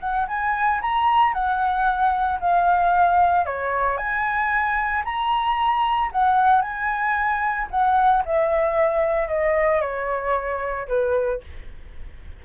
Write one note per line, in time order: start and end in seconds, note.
0.00 0.27 F#5
0.28 0.81 G#5
0.81 1.33 A#5
1.33 2.39 F#5
2.40 3.46 F5
3.46 3.97 C#5
3.97 5.03 G#5
5.04 6.10 A#5
6.12 6.61 F#5
6.61 7.67 G#5
7.70 8.23 F#5
8.25 9.28 E5
9.28 9.81 D#5
9.81 10.87 C#5
10.88 11.41 B4